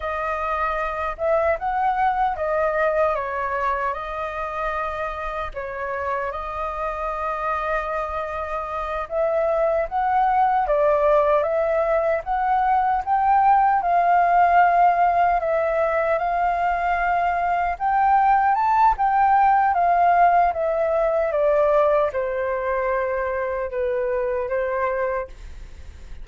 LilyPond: \new Staff \with { instrumentName = "flute" } { \time 4/4 \tempo 4 = 76 dis''4. e''8 fis''4 dis''4 | cis''4 dis''2 cis''4 | dis''2.~ dis''8 e''8~ | e''8 fis''4 d''4 e''4 fis''8~ |
fis''8 g''4 f''2 e''8~ | e''8 f''2 g''4 a''8 | g''4 f''4 e''4 d''4 | c''2 b'4 c''4 | }